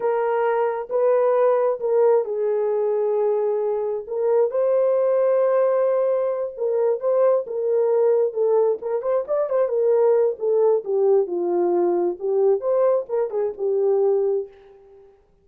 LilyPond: \new Staff \with { instrumentName = "horn" } { \time 4/4 \tempo 4 = 133 ais'2 b'2 | ais'4 gis'2.~ | gis'4 ais'4 c''2~ | c''2~ c''8 ais'4 c''8~ |
c''8 ais'2 a'4 ais'8 | c''8 d''8 c''8 ais'4. a'4 | g'4 f'2 g'4 | c''4 ais'8 gis'8 g'2 | }